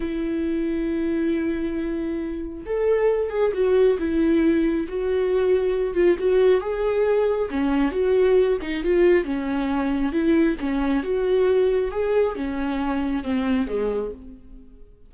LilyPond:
\new Staff \with { instrumentName = "viola" } { \time 4/4 \tempo 4 = 136 e'1~ | e'2 a'4. gis'8 | fis'4 e'2 fis'4~ | fis'4. f'8 fis'4 gis'4~ |
gis'4 cis'4 fis'4. dis'8 | f'4 cis'2 e'4 | cis'4 fis'2 gis'4 | cis'2 c'4 gis4 | }